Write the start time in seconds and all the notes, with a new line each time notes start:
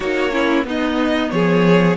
0.00 A#3 D#4 F#4 C#5
0.31 C#4 E4
0.64 B3 D#4 D#5
1.30 F3 G#4 C#5